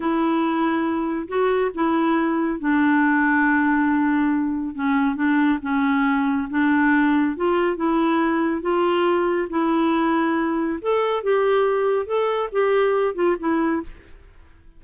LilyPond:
\new Staff \with { instrumentName = "clarinet" } { \time 4/4 \tempo 4 = 139 e'2. fis'4 | e'2 d'2~ | d'2. cis'4 | d'4 cis'2 d'4~ |
d'4 f'4 e'2 | f'2 e'2~ | e'4 a'4 g'2 | a'4 g'4. f'8 e'4 | }